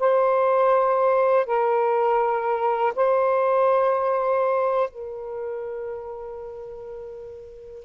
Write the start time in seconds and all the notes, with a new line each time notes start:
0.00 C5
1.46 A#4
2.96 C5
4.90 A#4